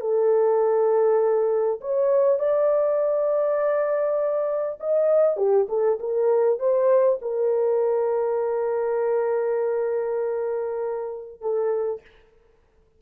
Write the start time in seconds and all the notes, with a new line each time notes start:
0.00 A4
1.80 C#5
2.39 D5
4.80 D#5
5.36 G4
5.68 A4
5.99 A#4
6.59 C5
7.21 A#4
11.41 A4